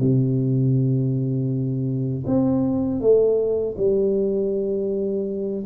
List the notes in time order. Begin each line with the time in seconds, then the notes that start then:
0.00 C3
2.27 C4
3.01 A3
3.78 G3